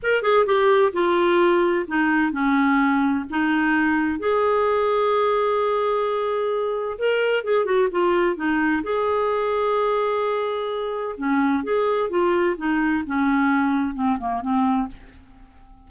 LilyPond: \new Staff \with { instrumentName = "clarinet" } { \time 4/4 \tempo 4 = 129 ais'8 gis'8 g'4 f'2 | dis'4 cis'2 dis'4~ | dis'4 gis'2.~ | gis'2. ais'4 |
gis'8 fis'8 f'4 dis'4 gis'4~ | gis'1 | cis'4 gis'4 f'4 dis'4 | cis'2 c'8 ais8 c'4 | }